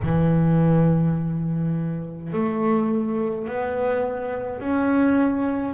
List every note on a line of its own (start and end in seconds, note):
0.02 2.32 E3
2.32 3.47 A3
3.47 4.59 B3
4.59 5.74 C#4